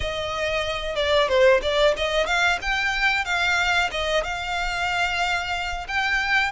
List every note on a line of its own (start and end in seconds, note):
0.00 0.95 D#5
0.95 1.28 D5
1.28 1.61 C5
1.62 1.94 D5
1.96 2.26 D#5
2.26 2.58 F5
2.61 3.24 G5
3.24 3.90 F5
3.91 4.23 D#5
4.23 5.86 F5
5.88 6.51 G5